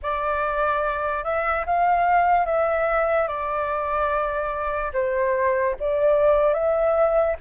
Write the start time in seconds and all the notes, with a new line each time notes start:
0.02 D5
1.24 E5
1.66 F5
2.45 E5
3.27 D5
4.93 C5
5.79 D5
6.53 E5